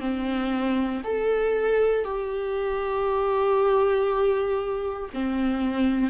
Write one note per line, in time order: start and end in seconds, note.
0.00 1.02 C4
1.04 2.04 A4
2.04 5.09 G4
5.14 6.10 C4